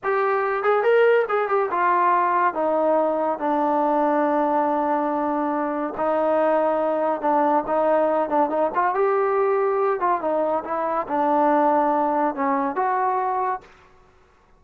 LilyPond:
\new Staff \with { instrumentName = "trombone" } { \time 4/4 \tempo 4 = 141 g'4. gis'8 ais'4 gis'8 g'8 | f'2 dis'2 | d'1~ | d'2 dis'2~ |
dis'4 d'4 dis'4. d'8 | dis'8 f'8 g'2~ g'8 f'8 | dis'4 e'4 d'2~ | d'4 cis'4 fis'2 | }